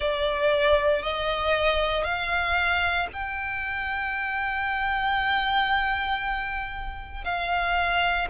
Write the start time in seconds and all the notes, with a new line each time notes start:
0.00 D5
1.02 D#5
2.04 F5
3.12 G5
7.24 F5